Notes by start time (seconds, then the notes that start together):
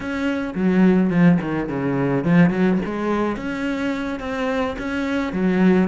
0.00 C#4
0.54 F#3
1.10 F3
1.41 D#3
1.68 C#3
2.24 F3
2.50 F#3
2.85 G#3
3.36 C#4
4.19 C4
4.78 C#4
5.32 F#3